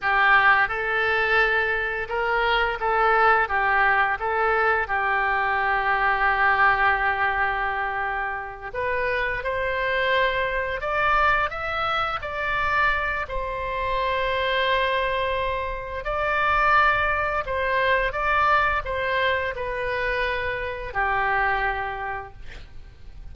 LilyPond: \new Staff \with { instrumentName = "oboe" } { \time 4/4 \tempo 4 = 86 g'4 a'2 ais'4 | a'4 g'4 a'4 g'4~ | g'1~ | g'8 b'4 c''2 d''8~ |
d''8 e''4 d''4. c''4~ | c''2. d''4~ | d''4 c''4 d''4 c''4 | b'2 g'2 | }